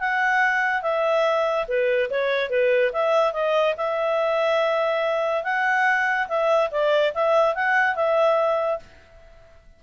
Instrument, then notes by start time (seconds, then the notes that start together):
clarinet
0.00 F#5
0.82 E5
1.68 B4
2.10 C#5
2.50 B4
2.93 E5
3.33 D#5
3.77 E5
5.44 F#5
6.28 E5
6.71 D5
7.14 E5
7.55 F#5
7.95 E5